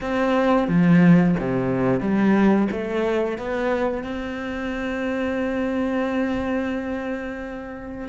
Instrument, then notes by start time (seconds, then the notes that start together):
cello
0.00 C4
0.67 F3
1.39 C3
2.00 G3
2.71 A3
3.38 B3
4.03 C4